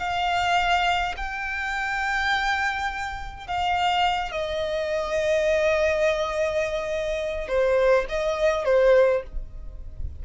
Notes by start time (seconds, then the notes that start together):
0.00 F5
1.17 G5
3.48 F5
4.32 D#5
7.49 C5
8.09 D#5
8.65 C5